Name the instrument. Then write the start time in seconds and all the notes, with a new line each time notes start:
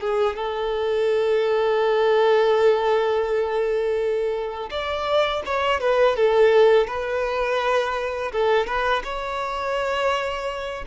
violin
0.00 G#4
0.36 A4
4.70 D5
5.45 C#5
5.80 B4
6.16 A4
6.87 B4
8.32 A4
8.66 B4
9.03 C#5